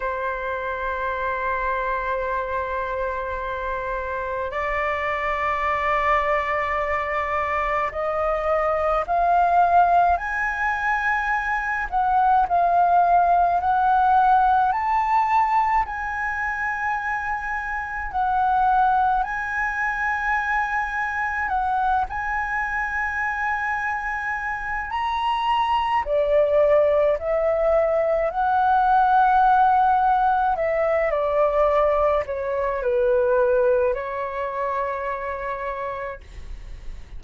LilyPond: \new Staff \with { instrumentName = "flute" } { \time 4/4 \tempo 4 = 53 c''1 | d''2. dis''4 | f''4 gis''4. fis''8 f''4 | fis''4 a''4 gis''2 |
fis''4 gis''2 fis''8 gis''8~ | gis''2 ais''4 d''4 | e''4 fis''2 e''8 d''8~ | d''8 cis''8 b'4 cis''2 | }